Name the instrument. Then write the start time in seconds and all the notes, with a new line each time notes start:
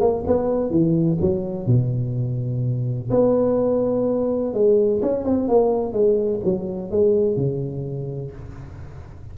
tuba
0.00 A#3
0.27 B3
0.70 E3
1.20 F#3
1.66 B2
3.10 B3
4.53 G#3
5.02 C#4
5.24 C4
5.48 A#3
5.92 G#3
6.44 F#3
6.91 G#3
7.36 C#3